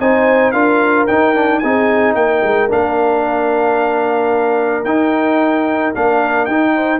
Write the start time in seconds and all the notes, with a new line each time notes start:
0.00 C4 D#4 C5 G#5
0.52 D4 F4 A#4 F5
1.07 D#4 G5
1.35 D4
1.60 C4 D#4 G#4 G#5
2.15 A#3 A#4 G5
2.43 G#3
2.69 A#3 D4 F5
4.85 D#4 G5
5.95 A#3 D4 F5
6.46 D#4 G5
6.75 C5